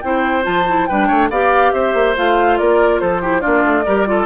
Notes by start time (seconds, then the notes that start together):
0.00 C4 E4 C5 G5
0.43 F3 F4 A5
0.67 E4
0.86 G3 D4 B4 G5
1.07 A3 C#5
1.29 B3 G4 D5 F5
1.72 C4 C5 E5
1.93 A#3
2.16 A3 F4 F5
2.58 A#3 A#4 D5
2.99 F3 A4 C5
3.21 E4 G4
3.41 A#3 D4 F4 D5
3.64 A3
3.85 G3 G4 A#4
4.06 F4 A4